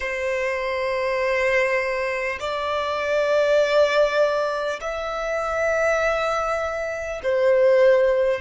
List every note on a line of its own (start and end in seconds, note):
0.00 2.38 C5
2.39 4.79 D5
4.80 7.20 E5
7.23 8.41 C5